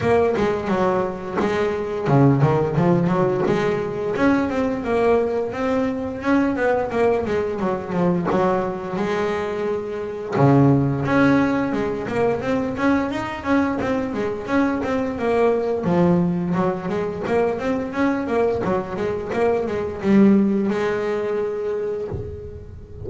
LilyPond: \new Staff \with { instrumentName = "double bass" } { \time 4/4 \tempo 4 = 87 ais8 gis8 fis4 gis4 cis8 dis8 | f8 fis8 gis4 cis'8 c'8 ais4 | c'4 cis'8 b8 ais8 gis8 fis8 f8 | fis4 gis2 cis4 |
cis'4 gis8 ais8 c'8 cis'8 dis'8 cis'8 | c'8 gis8 cis'8 c'8 ais4 f4 | fis8 gis8 ais8 c'8 cis'8 ais8 fis8 gis8 | ais8 gis8 g4 gis2 | }